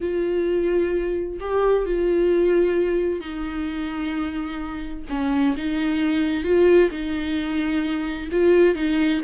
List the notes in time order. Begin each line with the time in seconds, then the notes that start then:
0.00 F4
1.40 G4
1.85 F4
3.20 D#4
5.09 C#4
5.56 D#4
6.43 F4
6.90 D#4
8.31 F4
8.75 D#4